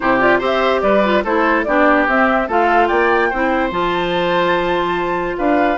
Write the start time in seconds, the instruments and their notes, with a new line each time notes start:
0.00 bassoon C3, clarinet E4, oboe G4, flute C5
0.20 clarinet F4, flute D5
0.38 bassoon C4, clarinet G4, oboe C5
0.45 flute E5
0.81 bassoon G3, oboe B4, flute D5
1.03 clarinet F4
1.24 bassoon A3, clarinet E4, oboe A4, flute C5
1.64 bassoon B3, clarinet D4, oboe G4, flute D5
2.07 bassoon C4, clarinet C4, flute E5
2.47 bassoon A3, clarinet F4, oboe A4, flute F5
2.87 bassoon A#3, oboe D5, flute G5
3.29 bassoon C4, clarinet E4, oboe C5
3.71 bassoon F3, clarinet F4, flute A5
5.37 bassoon D4, oboe B4, flute F5